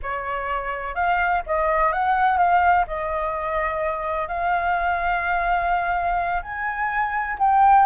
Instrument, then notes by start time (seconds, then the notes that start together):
flute
0.02 C#5
0.95 F5
1.46 D#5
1.92 F#5
2.37 F5
2.87 D#5
4.27 F5
6.42 G#5
7.39 G5